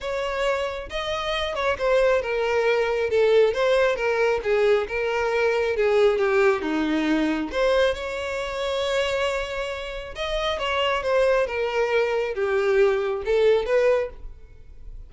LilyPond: \new Staff \with { instrumentName = "violin" } { \time 4/4 \tempo 4 = 136 cis''2 dis''4. cis''8 | c''4 ais'2 a'4 | c''4 ais'4 gis'4 ais'4~ | ais'4 gis'4 g'4 dis'4~ |
dis'4 c''4 cis''2~ | cis''2. dis''4 | cis''4 c''4 ais'2 | g'2 a'4 b'4 | }